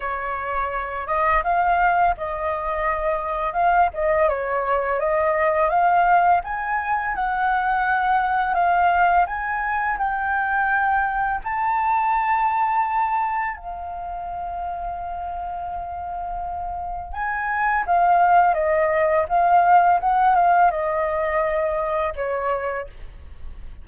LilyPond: \new Staff \with { instrumentName = "flute" } { \time 4/4 \tempo 4 = 84 cis''4. dis''8 f''4 dis''4~ | dis''4 f''8 dis''8 cis''4 dis''4 | f''4 gis''4 fis''2 | f''4 gis''4 g''2 |
a''2. f''4~ | f''1 | gis''4 f''4 dis''4 f''4 | fis''8 f''8 dis''2 cis''4 | }